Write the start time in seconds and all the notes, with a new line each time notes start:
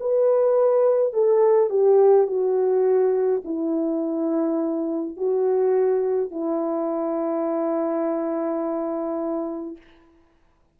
0.00 B4
1.13 A4
1.69 G4
2.27 F#4
3.45 E4
5.17 F#4
6.31 E4